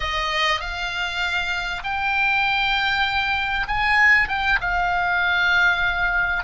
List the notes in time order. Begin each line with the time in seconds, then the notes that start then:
0.00 D#5
0.60 F5
1.83 G5
3.67 G#5
4.28 G5
4.61 F5